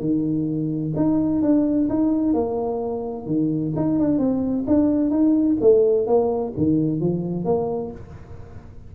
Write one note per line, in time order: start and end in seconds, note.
0.00 0.93 D#3
0.96 1.42 D#4
1.42 1.88 D4
1.89 2.33 D#4
2.33 3.26 A#3
3.26 3.73 D#3
3.76 3.99 D#4
3.99 4.18 D4
4.18 4.65 C4
4.67 5.10 D4
5.10 5.57 D#4
5.61 6.07 A3
6.07 6.53 A#3
6.57 7.00 D#3
7.00 7.45 F3
7.45 7.91 A#3